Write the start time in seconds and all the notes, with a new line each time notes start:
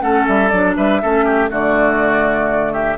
0.00 A3 C#4 A4 F#5
0.27 G3 E5
0.49 F#3 D4 D5
0.76 G3 B4 E5
1.02 A3 C#4 A4
1.25 G4
1.49 D3 A3 F#4 D5
2.72 G4 E5